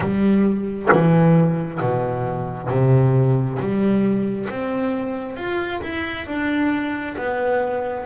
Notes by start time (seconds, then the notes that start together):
0.00 G3
0.92 E3
1.80 B2
2.68 C3
3.59 G3
4.49 C4
5.36 F4
5.82 E4
6.26 D4
7.17 B3